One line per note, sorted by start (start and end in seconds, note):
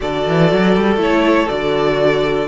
0.00 0.26 D3
0.00 0.97 F#4
0.00 2.48 A4
0.00 1.01 D5
0.27 0.52 E3
0.52 0.76 F#3
0.76 0.96 G3
0.96 1.46 A3
0.96 1.47 E4
0.96 1.48 C#5
1.48 2.48 D3
1.48 2.48 F#4
1.48 2.48 D5